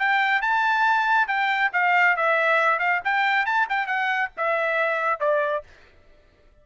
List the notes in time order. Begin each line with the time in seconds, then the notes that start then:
0.00 G5
0.42 A5
1.28 G5
1.73 F5
2.17 E5
2.79 F5
3.05 G5
3.46 A5
3.70 G5
3.87 F#5
4.38 E5
5.21 D5